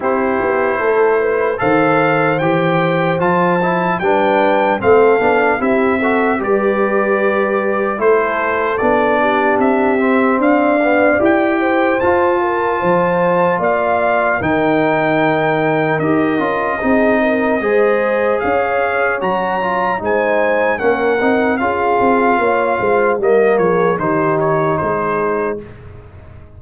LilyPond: <<
  \new Staff \with { instrumentName = "trumpet" } { \time 4/4 \tempo 4 = 75 c''2 f''4 g''4 | a''4 g''4 f''4 e''4 | d''2 c''4 d''4 | e''4 f''4 g''4 a''4~ |
a''4 f''4 g''2 | dis''2. f''4 | ais''4 gis''4 fis''4 f''4~ | f''4 dis''8 cis''8 c''8 cis''8 c''4 | }
  \new Staff \with { instrumentName = "horn" } { \time 4/4 g'4 a'8 b'8 c''2~ | c''4 b'4 a'4 g'8 a'8 | b'2 a'4. g'8~ | g'4 d''4. c''4 ais'8 |
c''4 d''4 ais'2~ | ais'4 gis'8 ais'8 c''4 cis''4~ | cis''4 c''4 ais'4 gis'4 | cis''8 c''8 ais'8 gis'8 g'4 gis'4 | }
  \new Staff \with { instrumentName = "trombone" } { \time 4/4 e'2 a'4 g'4 | f'8 e'8 d'4 c'8 d'8 e'8 fis'8 | g'2 e'4 d'4~ | d'8 c'4 b8 g'4 f'4~ |
f'2 dis'2 | g'8 f'8 dis'4 gis'2 | fis'8 f'8 dis'4 cis'8 dis'8 f'4~ | f'4 ais4 dis'2 | }
  \new Staff \with { instrumentName = "tuba" } { \time 4/4 c'8 b8 a4 dis4 e4 | f4 g4 a8 b8 c'4 | g2 a4 b4 | c'4 d'4 e'4 f'4 |
f4 ais4 dis2 | dis'8 cis'8 c'4 gis4 cis'4 | fis4 gis4 ais8 c'8 cis'8 c'8 | ais8 gis8 g8 f8 dis4 gis4 | }
>>